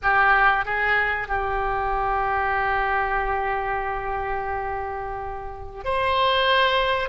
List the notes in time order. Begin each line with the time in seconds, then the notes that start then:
0.02 G4
0.65 G#4
1.28 G4
5.84 C5